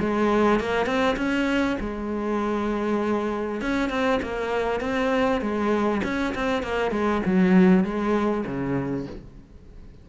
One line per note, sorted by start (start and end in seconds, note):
0.00 0.61 G#3
0.61 0.87 A#3
0.87 1.17 C4
1.17 1.78 C#4
1.81 3.62 G#3
3.62 3.90 C#4
3.90 4.20 C4
4.23 4.81 A#3
4.81 5.42 C4
5.42 6.02 G#3
6.04 6.34 C#4
6.35 6.63 C4
6.63 6.92 A#3
6.92 7.22 G#3
7.26 7.84 F#3
7.84 8.45 G#3
8.46 9.07 C#3